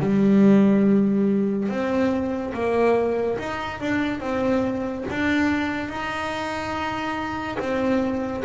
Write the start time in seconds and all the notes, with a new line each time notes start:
0.00 G3
1.69 C4
2.54 A#3
3.38 D#4
3.80 D4
4.20 C4
5.10 D4
5.88 D#4
7.59 C4